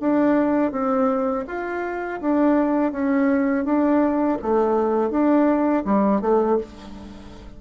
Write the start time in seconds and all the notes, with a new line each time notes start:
0.00 D4
0.72 C4
1.47 F4
2.21 D4
2.92 C#4
3.65 D4
4.42 A3
5.10 D4
5.85 G3
6.21 A3